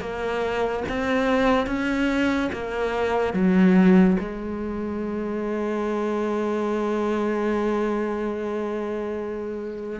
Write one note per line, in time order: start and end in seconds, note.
0.00 0.83 A#3
0.89 1.66 C4
1.66 2.50 C#4
2.53 3.33 A#3
3.33 4.17 F#3
4.19 9.99 G#3